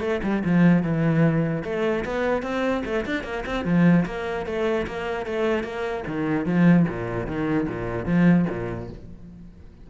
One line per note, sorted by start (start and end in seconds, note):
0.00 0.20 A3
0.23 0.43 G3
0.44 0.83 F3
0.83 1.63 E3
1.64 2.04 A3
2.04 2.43 B3
2.43 2.83 C4
2.85 3.05 A3
3.05 3.24 D4
3.24 3.44 A#3
3.46 3.65 C4
3.65 4.05 F3
4.06 4.46 A#3
4.46 4.86 A3
4.87 5.26 A#3
5.26 5.64 A3
5.64 6.04 A#3
6.07 6.46 D#3
6.46 6.86 F3
6.88 7.27 A#2
7.27 7.67 D#3
7.68 8.05 A#2
8.05 8.46 F3
8.49 8.89 A#2